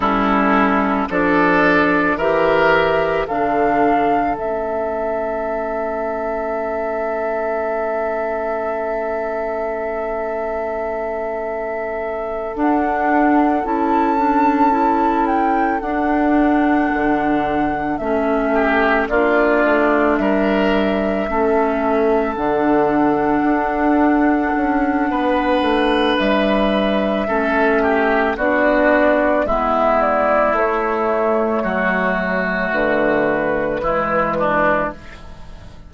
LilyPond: <<
  \new Staff \with { instrumentName = "flute" } { \time 4/4 \tempo 4 = 55 a'4 d''4 e''4 f''4 | e''1~ | e''2.~ e''8 fis''8~ | fis''8 a''4. g''8 fis''4.~ |
fis''8 e''4 d''4 e''4.~ | e''8 fis''2.~ fis''8 | e''2 d''4 e''8 d''8 | cis''2 b'2 | }
  \new Staff \with { instrumentName = "oboe" } { \time 4/4 e'4 a'4 ais'4 a'4~ | a'1~ | a'1~ | a'1~ |
a'4 g'8 f'4 ais'4 a'8~ | a'2. b'4~ | b'4 a'8 g'8 fis'4 e'4~ | e'4 fis'2 e'8 d'8 | }
  \new Staff \with { instrumentName = "clarinet" } { \time 4/4 cis'4 d'4 g'4 d'4 | cis'1~ | cis'2.~ cis'8 d'8~ | d'8 e'8 d'8 e'4 d'4.~ |
d'8 cis'4 d'2 cis'8~ | cis'8 d'2.~ d'8~ | d'4 cis'4 d'4 b4 | a2. gis4 | }
  \new Staff \with { instrumentName = "bassoon" } { \time 4/4 g4 f4 e4 d4 | a1~ | a2.~ a8 d'8~ | d'8 cis'2 d'4 d8~ |
d8 a4 ais8 a8 g4 a8~ | a8 d4 d'4 cis'8 b8 a8 | g4 a4 b4 gis4 | a4 fis4 d4 e4 | }
>>